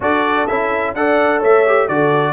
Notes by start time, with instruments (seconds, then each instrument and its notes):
0.00 tuba D4, trombone F#4, horn A4, trumpet D5
0.47 tuba C#4, trombone E4, trumpet E5
0.94 tuba D4, trombone A4, horn D5, trumpet F#5
1.39 tuba A3, horn C#5, trumpet E5
1.66 trombone G4
1.88 tuba D3, trombone F#4, horn A4, trumpet D5